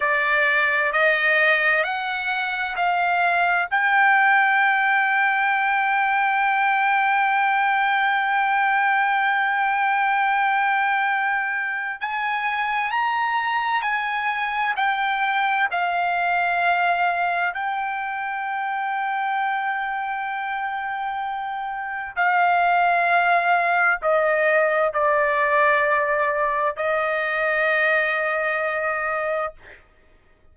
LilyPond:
\new Staff \with { instrumentName = "trumpet" } { \time 4/4 \tempo 4 = 65 d''4 dis''4 fis''4 f''4 | g''1~ | g''1~ | g''4 gis''4 ais''4 gis''4 |
g''4 f''2 g''4~ | g''1 | f''2 dis''4 d''4~ | d''4 dis''2. | }